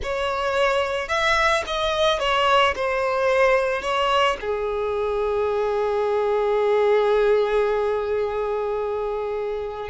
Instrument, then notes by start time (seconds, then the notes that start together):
violin
0.03 C#5
1.08 E5
1.67 D#5
2.19 C#5
2.75 C5
3.82 C#5
4.41 G#4